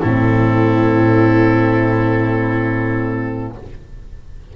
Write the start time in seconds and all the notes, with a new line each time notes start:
0.00 A2 C4 E4 A4